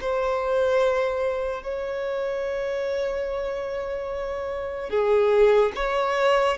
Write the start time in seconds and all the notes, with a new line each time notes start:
0.00 C5
1.63 C#5
4.90 G#4
5.75 C#5